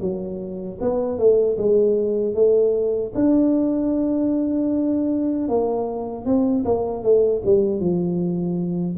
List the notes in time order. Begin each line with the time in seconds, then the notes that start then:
0.00 F#3
0.81 B3
1.18 A3
1.57 G#3
2.34 A3
3.14 D4
5.48 A#3
6.25 C4
6.64 A#3
7.03 A3
7.45 G3
7.80 F3